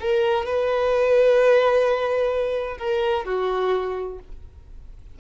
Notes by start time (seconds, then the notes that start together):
0.00 A#4
0.46 B4
2.78 A#4
3.25 F#4